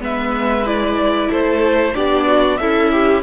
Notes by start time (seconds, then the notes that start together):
0.00 G#3 B3 B4 E5
0.66 E4 D5
1.30 A3 A4 C5
1.95 B3 D4 G4 D5
2.28 F#4
2.58 C#4 E4 A4 E5
2.92 G4